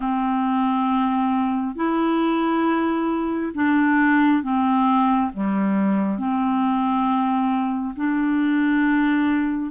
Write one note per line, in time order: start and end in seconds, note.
0.00 1.75 C4
1.75 3.52 E4
3.54 4.42 D4
4.42 5.31 C4
5.33 6.18 G3
6.18 7.95 C4
7.95 9.71 D4